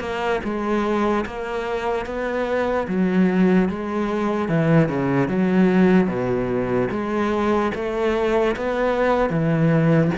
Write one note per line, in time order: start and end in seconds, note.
0.00 0.41 A#3
0.44 1.25 G#3
1.26 2.06 A#3
2.06 2.87 B3
2.88 3.69 F#3
3.69 4.49 G#3
4.49 4.89 E3
4.89 5.29 C#3
5.29 6.08 F#3
6.08 6.89 B2
6.91 7.72 G#3
7.75 8.56 A3
8.56 9.30 B3
9.30 10.11 E3